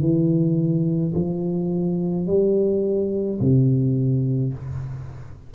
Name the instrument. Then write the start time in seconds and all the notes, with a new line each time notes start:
tuba
0.00 E3
1.14 F3
2.26 G3
3.40 C3